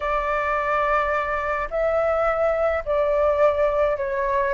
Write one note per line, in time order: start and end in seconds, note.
0.00 1.68 D5
1.70 2.83 E5
2.85 3.97 D5
3.97 4.53 C#5